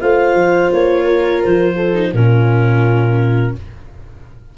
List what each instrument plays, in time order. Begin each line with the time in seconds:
0.00 tuba A3, viola F4, horn C5, clarinet F5
0.34 tuba F3
0.71 tuba A#3, clarinet C#5
1.04 horn A#4
1.43 tuba F3, clarinet C5
1.75 horn A4
1.94 viola D#4
2.13 tuba A#2, viola C#4, horn F4, clarinet A#4